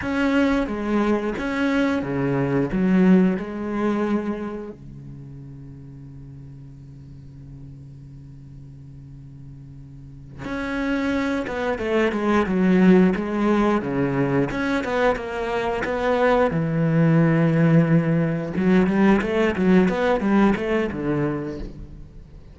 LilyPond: \new Staff \with { instrumentName = "cello" } { \time 4/4 \tempo 4 = 89 cis'4 gis4 cis'4 cis4 | fis4 gis2 cis4~ | cis1~ | cis2.~ cis8 cis'8~ |
cis'4 b8 a8 gis8 fis4 gis8~ | gis8 cis4 cis'8 b8 ais4 b8~ | b8 e2. fis8 | g8 a8 fis8 b8 g8 a8 d4 | }